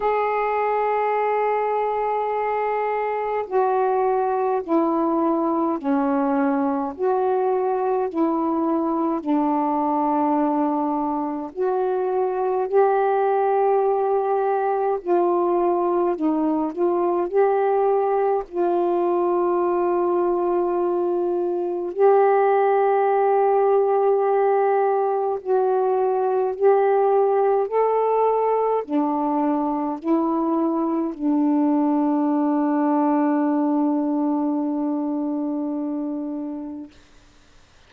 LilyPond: \new Staff \with { instrumentName = "saxophone" } { \time 4/4 \tempo 4 = 52 gis'2. fis'4 | e'4 cis'4 fis'4 e'4 | d'2 fis'4 g'4~ | g'4 f'4 dis'8 f'8 g'4 |
f'2. g'4~ | g'2 fis'4 g'4 | a'4 d'4 e'4 d'4~ | d'1 | }